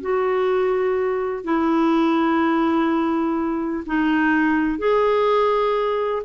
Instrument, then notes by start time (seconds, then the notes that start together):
clarinet
0.00 F#4
1.44 E4
3.86 D#4
4.78 G#4